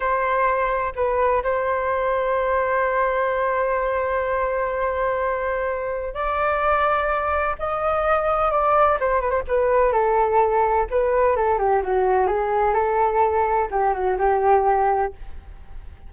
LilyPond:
\new Staff \with { instrumentName = "flute" } { \time 4/4 \tempo 4 = 127 c''2 b'4 c''4~ | c''1~ | c''1~ | c''4 d''2. |
dis''2 d''4 c''8 b'16 c''16 | b'4 a'2 b'4 | a'8 g'8 fis'4 gis'4 a'4~ | a'4 g'8 fis'8 g'2 | }